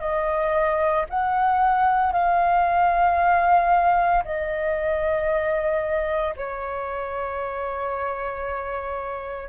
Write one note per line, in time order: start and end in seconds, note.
0.00 1.05 D#5
1.10 2.12 F#5
2.12 4.23 F5
4.24 6.35 D#5
6.36 9.49 C#5